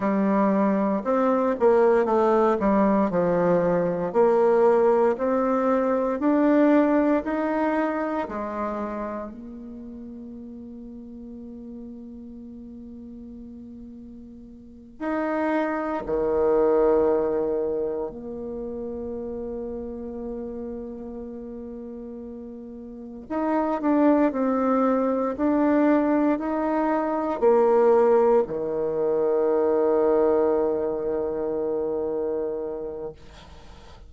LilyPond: \new Staff \with { instrumentName = "bassoon" } { \time 4/4 \tempo 4 = 58 g4 c'8 ais8 a8 g8 f4 | ais4 c'4 d'4 dis'4 | gis4 ais2.~ | ais2~ ais8 dis'4 dis8~ |
dis4. ais2~ ais8~ | ais2~ ais8 dis'8 d'8 c'8~ | c'8 d'4 dis'4 ais4 dis8~ | dis1 | }